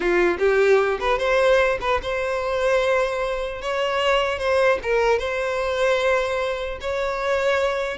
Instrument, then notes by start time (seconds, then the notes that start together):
violin
0.00 F4
0.38 G4
1.00 B4
1.18 C5
1.80 B4
2.02 C5
3.61 C#5
4.39 C5
4.82 A#4
5.18 C5
6.80 C#5